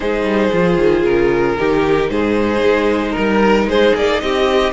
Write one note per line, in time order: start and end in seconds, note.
0.00 0.23 G#3
0.00 0.51 D#4
0.00 1.57 G#4
0.00 1.05 C5
0.23 0.49 G3
0.52 0.77 F3
0.52 1.57 F4
0.77 1.03 D#3
1.04 1.57 C#3
1.04 2.10 A#4
1.57 2.09 D#3
1.57 4.72 D#4
1.57 2.10 G4
2.09 2.62 G#2
2.09 3.11 G#4
2.09 3.15 C5
2.63 3.16 G#3
3.11 3.64 A#4
3.11 3.69 A#4
3.17 3.66 G3
3.66 3.92 G#3
3.66 4.22 G#4
3.66 3.95 C5
3.94 4.21 A#3
3.94 4.20 D5
4.20 4.72 C4
4.20 4.72 G4
4.20 4.72 D#5